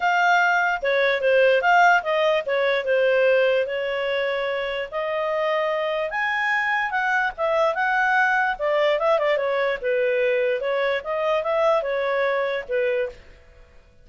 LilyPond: \new Staff \with { instrumentName = "clarinet" } { \time 4/4 \tempo 4 = 147 f''2 cis''4 c''4 | f''4 dis''4 cis''4 c''4~ | c''4 cis''2. | dis''2. gis''4~ |
gis''4 fis''4 e''4 fis''4~ | fis''4 d''4 e''8 d''8 cis''4 | b'2 cis''4 dis''4 | e''4 cis''2 b'4 | }